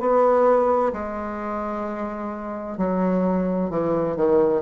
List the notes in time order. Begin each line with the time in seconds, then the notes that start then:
0.00 B3
0.93 G#3
2.77 F#3
3.70 E3
4.16 D#3